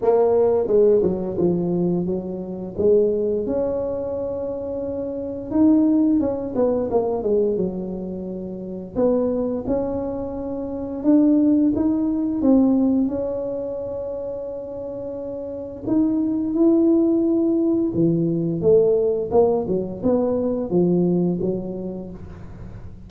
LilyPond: \new Staff \with { instrumentName = "tuba" } { \time 4/4 \tempo 4 = 87 ais4 gis8 fis8 f4 fis4 | gis4 cis'2. | dis'4 cis'8 b8 ais8 gis8 fis4~ | fis4 b4 cis'2 |
d'4 dis'4 c'4 cis'4~ | cis'2. dis'4 | e'2 e4 a4 | ais8 fis8 b4 f4 fis4 | }